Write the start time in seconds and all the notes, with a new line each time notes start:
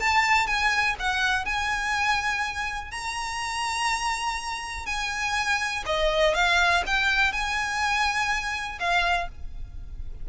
0.00 A5
0.47 G#5
0.99 F#5
1.45 G#5
2.91 A#5
4.86 G#5
5.86 D#5
6.35 F5
6.86 G5
7.33 G#5
8.80 F5